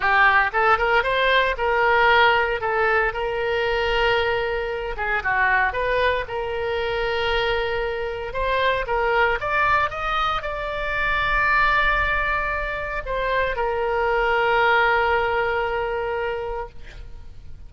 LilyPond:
\new Staff \with { instrumentName = "oboe" } { \time 4/4 \tempo 4 = 115 g'4 a'8 ais'8 c''4 ais'4~ | ais'4 a'4 ais'2~ | ais'4. gis'8 fis'4 b'4 | ais'1 |
c''4 ais'4 d''4 dis''4 | d''1~ | d''4 c''4 ais'2~ | ais'1 | }